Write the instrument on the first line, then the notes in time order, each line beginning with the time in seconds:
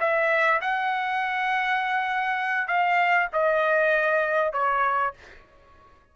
trumpet
0.00 E5
0.61 F#5
2.67 F5
3.33 D#5
4.53 C#5